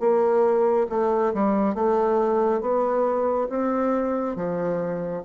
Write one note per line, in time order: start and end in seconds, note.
0.00 0.87 A#3
0.90 1.33 A3
1.34 1.75 G3
1.75 2.61 A3
2.61 3.48 B3
3.49 4.36 C4
4.36 5.23 F3